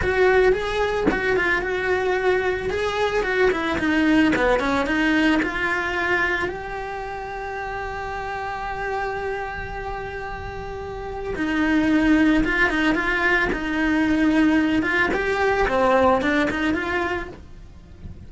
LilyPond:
\new Staff \with { instrumentName = "cello" } { \time 4/4 \tempo 4 = 111 fis'4 gis'4 fis'8 f'8 fis'4~ | fis'4 gis'4 fis'8 e'8 dis'4 | b8 cis'8 dis'4 f'2 | g'1~ |
g'1~ | g'4 dis'2 f'8 dis'8 | f'4 dis'2~ dis'8 f'8 | g'4 c'4 d'8 dis'8 f'4 | }